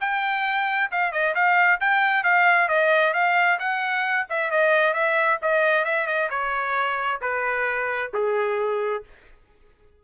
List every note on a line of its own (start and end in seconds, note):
0.00 0.90 G5
0.91 1.12 F5
1.12 1.34 D#5
1.35 1.80 F5
1.80 2.24 G5
2.24 2.68 F5
2.68 3.13 D#5
3.13 3.58 F5
3.59 4.27 F#5
4.29 4.51 E5
4.51 4.93 D#5
4.93 5.38 E5
5.42 5.85 D#5
5.85 6.07 E5
6.07 6.29 D#5
6.30 7.20 C#5
7.21 8.11 B4
8.13 9.03 G#4